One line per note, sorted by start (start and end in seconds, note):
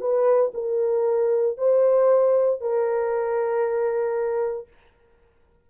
0.00 0.52 B4
0.54 1.57 A#4
1.57 2.60 C5
2.60 4.67 A#4